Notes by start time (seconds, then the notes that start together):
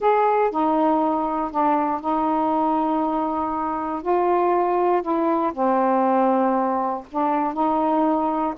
0.00 G#4
0.50 D#4
1.51 D4
2.00 D#4
4.02 F4
5.02 E4
5.53 C4
7.11 D4
7.53 D#4